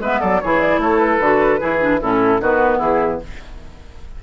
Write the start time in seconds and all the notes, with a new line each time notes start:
0.00 G#3 B3 B4 E5
0.20 F#3 A4 D5
0.40 E3 E4 G#4 C#5
0.60 D5
0.78 A3 A4 C#5
0.98 B4
1.20 D3 F#4
1.59 E3 E4 G#4
1.80 D4
2.01 A2 C#4 E4 A4
2.41 D#3 B3 F#4 B4
2.78 E3 E4 G#4